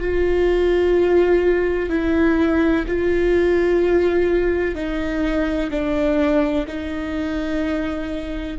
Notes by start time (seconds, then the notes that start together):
0.00 F4
1.89 E4
2.87 F4
4.75 D#4
5.71 D4
6.67 D#4